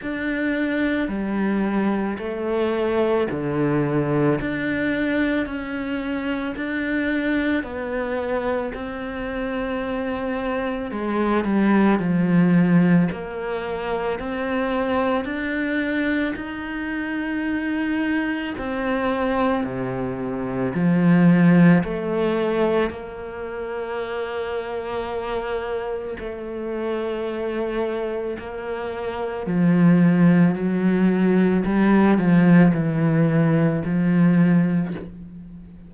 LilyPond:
\new Staff \with { instrumentName = "cello" } { \time 4/4 \tempo 4 = 55 d'4 g4 a4 d4 | d'4 cis'4 d'4 b4 | c'2 gis8 g8 f4 | ais4 c'4 d'4 dis'4~ |
dis'4 c'4 c4 f4 | a4 ais2. | a2 ais4 f4 | fis4 g8 f8 e4 f4 | }